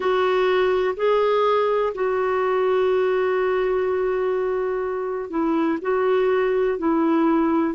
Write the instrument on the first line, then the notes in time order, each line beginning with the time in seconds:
clarinet
0.00 F#4
0.96 G#4
1.94 F#4
5.30 E4
5.81 F#4
6.78 E4